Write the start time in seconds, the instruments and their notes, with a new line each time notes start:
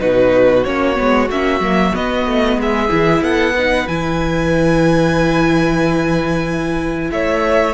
0.00 cello B2, viola D#4, violin F#4 B4
0.65 cello A#3, viola C#4, violin C#5
0.96 cello G#3, viola B3
1.30 cello A#3, viola C#4, violin E5
1.60 cello F#3, viola A#3
1.94 viola B3, cello B3, violin D#5
2.26 cello A3
2.57 cello G#3, violin G#4 E5
2.89 cello E3, viola E4
3.22 cello B3, violin A4 F#5
3.55 viola D#4, violin B4
3.88 cello E3, viola E4, violin G#5
7.12 cello A3, violin C#5 E5